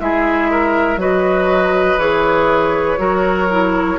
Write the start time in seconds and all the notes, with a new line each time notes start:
0.00 G#3 E4 G#4 E5
0.51 A#4
0.97 F#3 F#4 B4 D#5
1.98 E3 G#4 C#5
2.98 F#3 F#4 A#4
3.51 E4